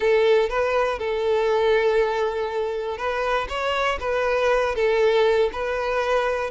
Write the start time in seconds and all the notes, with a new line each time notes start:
0.00 A4
0.49 B4
0.98 A4
2.97 B4
3.48 C#5
4.00 B4
4.75 A4
5.52 B4